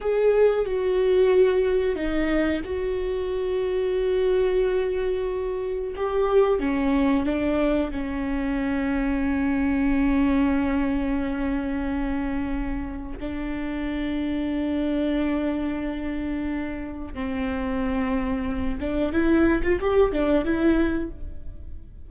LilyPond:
\new Staff \with { instrumentName = "viola" } { \time 4/4 \tempo 4 = 91 gis'4 fis'2 dis'4 | fis'1~ | fis'4 g'4 cis'4 d'4 | cis'1~ |
cis'1 | d'1~ | d'2 c'2~ | c'8 d'8 e'8. f'16 g'8 d'8 e'4 | }